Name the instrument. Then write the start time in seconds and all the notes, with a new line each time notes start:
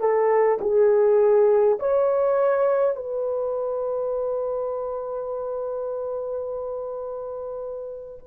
horn
0.00 A4
0.61 G#4
1.79 C#5
2.96 B4